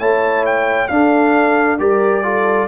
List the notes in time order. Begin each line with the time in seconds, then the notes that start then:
0.00 A3 E4 C#5 A5
0.46 G5
0.88 D4 A4 F5
1.79 G3 G4 A#4 D5
2.24 F4 A4